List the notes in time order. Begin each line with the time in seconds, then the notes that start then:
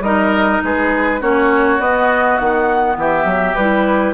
0.00 G3 D#4 A#4 D#5
0.63 G#3 G#4 B4
1.20 A#3 C#4 F#4 C#5
1.79 B3 D#5
2.37 D#3 F#5
2.96 E3 G4 E5
3.24 F#3
3.55 G3 E4 B4